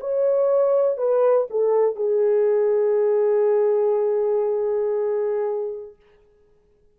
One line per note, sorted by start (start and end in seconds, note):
0.00 0.97 C#5
0.97 1.47 B4
1.50 1.95 A4
1.95 5.95 G#4